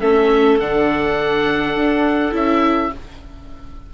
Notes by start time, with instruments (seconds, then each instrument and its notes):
0.00 bassoon A3, viola C#4, clarinet A4, oboe E5
0.59 bassoon D3, viola D4, oboe F#5
1.75 bassoon D4
2.32 bassoon C#4, viola E4, oboe E5